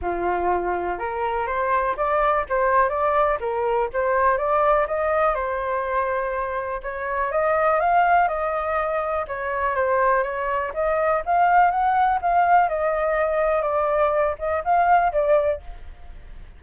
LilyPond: \new Staff \with { instrumentName = "flute" } { \time 4/4 \tempo 4 = 123 f'2 ais'4 c''4 | d''4 c''4 d''4 ais'4 | c''4 d''4 dis''4 c''4~ | c''2 cis''4 dis''4 |
f''4 dis''2 cis''4 | c''4 cis''4 dis''4 f''4 | fis''4 f''4 dis''2 | d''4. dis''8 f''4 d''4 | }